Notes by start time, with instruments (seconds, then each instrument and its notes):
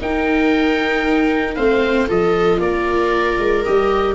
0.00 viola D#4 A#4, tuba D#4, oboe G5
1.55 tuba A3, viola C4 C5, oboe F5
2.07 tuba F3, viola F4 A4, oboe D#5
2.59 tuba A#3, viola A#4, oboe D5
3.39 tuba G#3
3.64 tuba G3, viola G4, oboe D#5